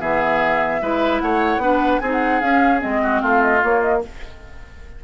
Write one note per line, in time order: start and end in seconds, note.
0.00 0.81 E3
0.00 0.81 B3
0.00 0.81 G#4
0.00 1.20 E5
0.81 1.22 G#3
0.81 1.61 E4
0.81 1.22 B4
1.20 1.57 A3
1.20 1.62 C#5
1.20 1.99 F#5
1.57 1.98 B3
1.57 2.02 D4
1.57 2.01 B4
1.99 2.42 C4
1.99 2.42 D#4
1.99 3.02 G#4
1.99 2.09 G#5
2.11 2.40 F#5
2.40 2.79 C#4
2.40 2.82 C#4
2.40 2.81 F5
2.79 3.22 G#3
2.79 3.59 C4
2.79 3.22 D#5
3.03 3.21 F#4
3.21 3.62 A3
3.21 4.02 F4
3.21 3.42 F5
3.42 3.62 D#5
3.61 4.01 A#3
3.61 4.04 A#3
3.61 3.82 C#5
3.82 4.02 D#5